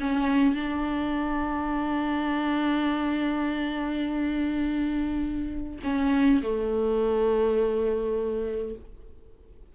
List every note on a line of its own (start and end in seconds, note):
0.00 0.54 C#4
0.54 5.79 D4
5.84 6.42 C#4
6.42 8.75 A3